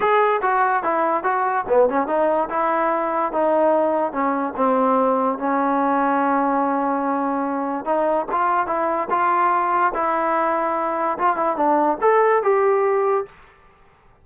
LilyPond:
\new Staff \with { instrumentName = "trombone" } { \time 4/4 \tempo 4 = 145 gis'4 fis'4 e'4 fis'4 | b8 cis'8 dis'4 e'2 | dis'2 cis'4 c'4~ | c'4 cis'2.~ |
cis'2. dis'4 | f'4 e'4 f'2 | e'2. f'8 e'8 | d'4 a'4 g'2 | }